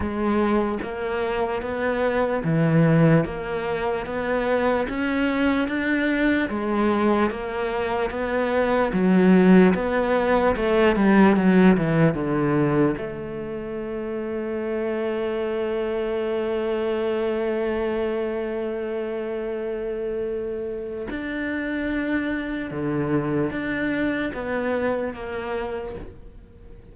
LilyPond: \new Staff \with { instrumentName = "cello" } { \time 4/4 \tempo 4 = 74 gis4 ais4 b4 e4 | ais4 b4 cis'4 d'4 | gis4 ais4 b4 fis4 | b4 a8 g8 fis8 e8 d4 |
a1~ | a1~ | a2 d'2 | d4 d'4 b4 ais4 | }